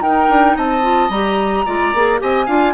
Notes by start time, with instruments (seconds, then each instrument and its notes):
0.00 bassoon D#4, clarinet D#4, oboe A#4, flute G5
0.29 bassoon D4
0.56 bassoon C4, oboe D#5, flute A5
0.82 clarinet F4
1.09 bassoon G3, clarinet G4, flute A#5
1.65 bassoon G#3, clarinet F4, oboe D5
1.94 bassoon A#3, clarinet G#4
2.19 bassoon C4, clarinet G4, oboe D#5, flute G#5
2.46 bassoon D4, clarinet F4, oboe F5